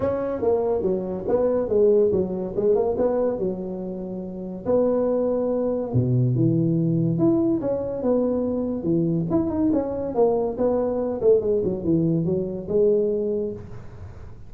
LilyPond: \new Staff \with { instrumentName = "tuba" } { \time 4/4 \tempo 4 = 142 cis'4 ais4 fis4 b4 | gis4 fis4 gis8 ais8 b4 | fis2. b4~ | b2 b,4 e4~ |
e4 e'4 cis'4 b4~ | b4 e4 e'8 dis'8 cis'4 | ais4 b4. a8 gis8 fis8 | e4 fis4 gis2 | }